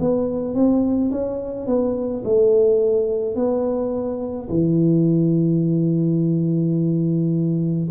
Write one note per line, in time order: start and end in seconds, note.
0.00 0.54 B3
0.54 1.11 C4
1.11 1.67 C#4
1.67 2.23 B3
2.24 3.35 A3
3.35 4.48 B3
4.49 7.89 E3